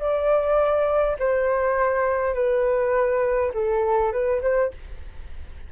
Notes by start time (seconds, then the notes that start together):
0.00 D5
1.19 C5
2.35 B4
3.54 A4
4.12 B4
4.42 C5